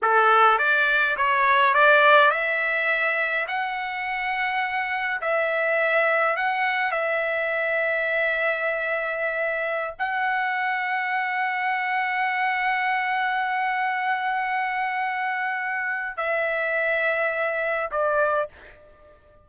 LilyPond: \new Staff \with { instrumentName = "trumpet" } { \time 4/4 \tempo 4 = 104 a'4 d''4 cis''4 d''4 | e''2 fis''2~ | fis''4 e''2 fis''4 | e''1~ |
e''4~ e''16 fis''2~ fis''8.~ | fis''1~ | fis''1 | e''2. d''4 | }